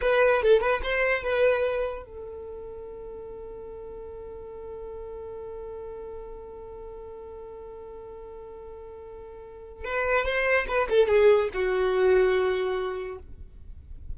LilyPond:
\new Staff \with { instrumentName = "violin" } { \time 4/4 \tempo 4 = 146 b'4 a'8 b'8 c''4 b'4~ | b'4 a'2.~ | a'1~ | a'1~ |
a'1~ | a'1 | b'4 c''4 b'8 a'8 gis'4 | fis'1 | }